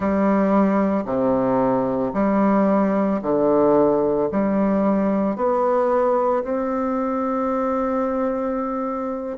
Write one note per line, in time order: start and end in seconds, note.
0.00 1.05 G3
1.05 2.12 C3
2.13 3.20 G3
3.21 4.29 D3
4.31 5.36 G3
5.36 6.43 B3
6.43 9.37 C4